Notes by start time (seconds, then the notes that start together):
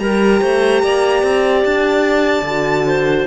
0.00 G3 G4 A#4 A#5
0.41 A3 C5
0.83 A#3 D5
1.23 C4
1.65 D4 A5
2.43 D3 F#4
2.87 C5